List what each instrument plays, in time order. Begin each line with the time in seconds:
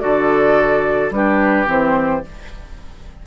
0.00 bassoon D3, clarinet F#4, oboe A4, flute D5
1.11 bassoon G3, clarinet D4, oboe G4, flute B4
1.66 bassoon E3, clarinet C4, flute C5